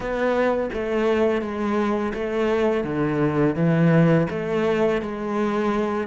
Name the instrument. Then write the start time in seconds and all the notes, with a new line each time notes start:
cello
0.00 B3
0.73 A3
1.41 G#3
2.14 A3
2.84 D3
3.55 E3
4.30 A3
5.01 G#3